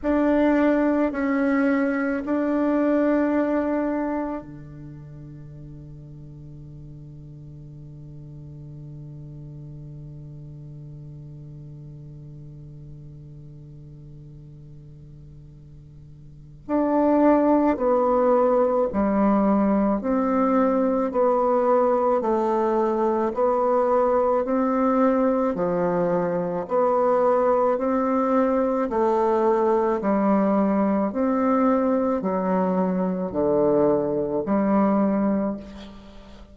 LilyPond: \new Staff \with { instrumentName = "bassoon" } { \time 4/4 \tempo 4 = 54 d'4 cis'4 d'2 | d1~ | d1~ | d2. d'4 |
b4 g4 c'4 b4 | a4 b4 c'4 f4 | b4 c'4 a4 g4 | c'4 fis4 d4 g4 | }